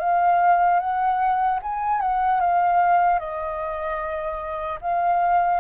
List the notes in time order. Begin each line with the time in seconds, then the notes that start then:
0.00 F5
0.80 F#5
1.63 G#5
2.01 F#5
2.41 F5
3.19 D#5
4.81 F5